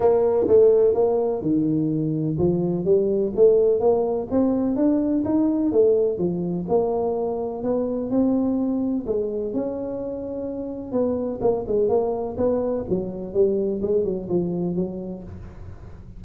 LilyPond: \new Staff \with { instrumentName = "tuba" } { \time 4/4 \tempo 4 = 126 ais4 a4 ais4 dis4~ | dis4 f4 g4 a4 | ais4 c'4 d'4 dis'4 | a4 f4 ais2 |
b4 c'2 gis4 | cis'2. b4 | ais8 gis8 ais4 b4 fis4 | g4 gis8 fis8 f4 fis4 | }